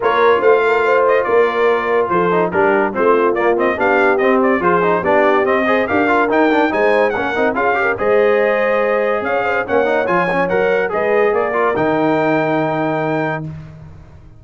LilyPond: <<
  \new Staff \with { instrumentName = "trumpet" } { \time 4/4 \tempo 4 = 143 cis''4 f''4. dis''8 d''4~ | d''4 c''4 ais'4 c''4 | d''8 dis''8 f''4 dis''8 d''8 c''4 | d''4 dis''4 f''4 g''4 |
gis''4 fis''4 f''4 dis''4~ | dis''2 f''4 fis''4 | gis''4 fis''4 dis''4 d''4 | g''1 | }
  \new Staff \with { instrumentName = "horn" } { \time 4/4 ais'4 c''8 ais'8 c''4 ais'4~ | ais'4 a'4 g'4 f'4~ | f'4 g'2 gis'4 | g'4. c''8 ais'2 |
c''4 ais'4 gis'8 ais'8 c''4~ | c''2 cis''8 c''8 cis''4~ | cis''2 b'4 ais'4~ | ais'1 | }
  \new Staff \with { instrumentName = "trombone" } { \time 4/4 f'1~ | f'4. dis'8 d'4 c'4 | ais8 c'8 d'4 c'4 f'8 dis'8 | d'4 c'8 gis'8 g'8 f'8 dis'8 d'8 |
dis'4 cis'8 dis'8 f'8 g'8 gis'4~ | gis'2. cis'8 dis'8 | f'8 cis'8 ais'4 gis'4. f'8 | dis'1 | }
  \new Staff \with { instrumentName = "tuba" } { \time 4/4 ais4 a2 ais4~ | ais4 f4 g4 a4 | ais4 b4 c'4 f4 | b4 c'4 d'4 dis'4 |
gis4 ais8 c'8 cis'4 gis4~ | gis2 cis'4 ais4 | f4 fis4 gis4 ais4 | dis1 | }
>>